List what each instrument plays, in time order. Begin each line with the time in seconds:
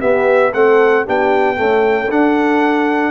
0.00 trombone B3, tuba B3, horn G4, trumpet E5
0.54 tuba A3, trombone C4, horn A4, trumpet F#5
1.05 tuba B3, trombone D4, horn G4, trumpet G5
1.56 trombone A3, tuba C#4, horn A4
2.10 trombone D4, tuba D4, trumpet F#5